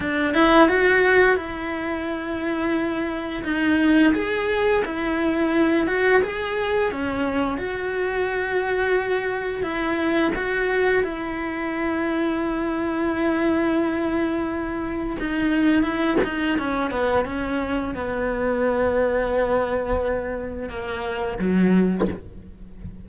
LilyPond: \new Staff \with { instrumentName = "cello" } { \time 4/4 \tempo 4 = 87 d'8 e'8 fis'4 e'2~ | e'4 dis'4 gis'4 e'4~ | e'8 fis'8 gis'4 cis'4 fis'4~ | fis'2 e'4 fis'4 |
e'1~ | e'2 dis'4 e'8 dis'8 | cis'8 b8 cis'4 b2~ | b2 ais4 fis4 | }